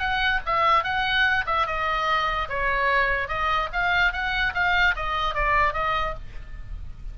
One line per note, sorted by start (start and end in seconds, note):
0.00 0.41 F#5
0.46 0.84 E5
0.84 1.46 F#5
1.47 1.67 E5
1.67 2.49 D#5
2.49 3.28 C#5
3.28 3.69 D#5
3.73 4.13 F5
4.13 4.54 F#5
4.55 4.95 F5
4.96 5.35 D#5
5.35 5.74 D5
5.74 6.15 D#5